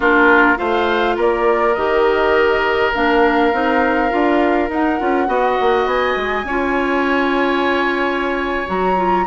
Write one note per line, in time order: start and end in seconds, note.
0.00 0.56 A#3
0.00 0.56 D4
0.00 0.57 F4
0.00 0.58 A#4
0.56 1.16 A3
0.56 1.73 F4
0.56 1.15 C5
0.56 1.16 F5
1.15 1.75 A#3
1.15 5.27 A#4
1.15 1.74 D5
1.74 2.94 D#3
1.74 2.94 G4
1.74 2.91 D#5
2.94 3.52 A#3
2.94 3.53 D4
2.94 4.70 F5
3.52 4.11 C4
3.52 4.10 D#4
4.10 4.69 D4
4.10 4.68 F4
4.69 4.98 D#4
4.69 4.99 D#4
4.69 5.88 F#5
4.99 5.27 C#4
4.99 5.26 F4
5.26 5.57 B3
5.26 6.44 F#4
5.26 6.46 D#5
5.60 5.86 A#3
5.86 6.15 B3
5.86 8.67 G#5
6.16 6.44 G#3
6.44 8.64 C#4
6.44 8.66 F4
6.44 9.25 C#5
8.66 9.27 F#3
8.66 8.95 F#4
8.66 9.27 A#5
8.96 9.25 F4